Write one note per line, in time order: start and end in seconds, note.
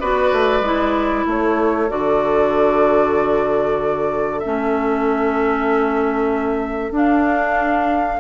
0.00 0.33 B3
0.00 0.64 F#4
0.00 1.26 B4
0.00 1.26 D5
0.33 0.61 A3
0.61 1.24 G#3
0.61 1.88 E4
1.26 1.90 A3
1.26 8.20 A4
1.26 1.90 C#5
1.88 4.43 D3
1.88 4.41 F#4
1.88 4.40 D5
4.40 6.91 A3
4.40 6.93 C#4
4.40 6.92 E5
6.91 8.18 D4
6.91 8.19 D4
6.91 8.20 F5